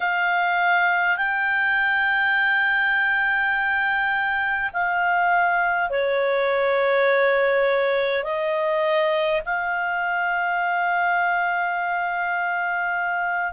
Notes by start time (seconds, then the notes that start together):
0.00 F5
1.17 G5
4.73 F5
5.90 C#5
8.23 D#5
9.45 F5